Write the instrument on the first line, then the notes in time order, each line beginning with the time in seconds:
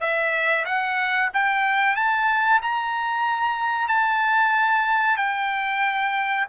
trumpet
0.00 E5
0.65 F#5
1.33 G5
1.96 A5
2.62 A#5
3.88 A5
5.17 G5